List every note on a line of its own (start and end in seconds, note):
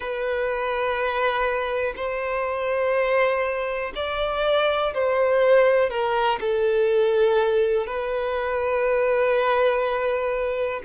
0.00 1.94 B4
1.96 3.93 C5
3.95 4.93 D5
4.94 5.90 C5
5.90 6.39 A#4
6.40 7.86 A4
7.86 10.81 B4